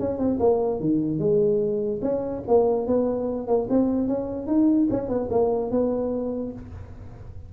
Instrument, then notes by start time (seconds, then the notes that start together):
tuba
0.00 C#4
0.19 C4
0.40 A#3
0.81 D#3
1.19 G#3
2.03 C#4
2.48 A#3
2.87 B3
3.48 A#3
3.70 C4
4.08 C#4
4.47 D#4
4.91 C#4
5.09 B3
5.31 A#3
5.71 B3